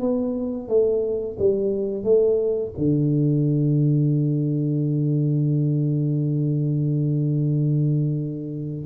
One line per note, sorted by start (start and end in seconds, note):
0.00 0.68 B3
0.68 1.36 A3
1.39 2.03 G3
2.03 2.71 A3
2.77 8.86 D3